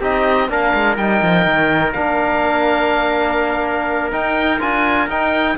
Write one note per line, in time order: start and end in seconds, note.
0.00 0.49 C4
0.00 0.49 D#4
0.00 0.48 G4
0.00 0.51 D#5
0.49 0.73 A#3
0.49 0.97 D4
0.49 5.57 A#4
0.49 0.96 F5
0.74 0.97 G#3
0.96 1.21 G3
0.96 1.94 D#4
0.96 1.93 G5
1.22 1.45 F3
1.45 1.94 D#3
1.93 4.12 A#3
1.93 4.12 D4
1.93 4.10 F5
4.12 4.59 D#4
4.12 4.60 D#4
4.12 4.60 G5
4.59 5.07 D4
4.59 5.08 F4
4.59 5.09 G#5
5.07 5.56 D#4
5.07 5.57 D#4
5.07 5.57 G5